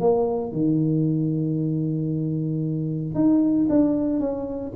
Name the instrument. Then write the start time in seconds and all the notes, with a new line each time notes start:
tuba
0.00 A#3
0.52 D#3
3.15 D#4
3.69 D4
4.20 C#4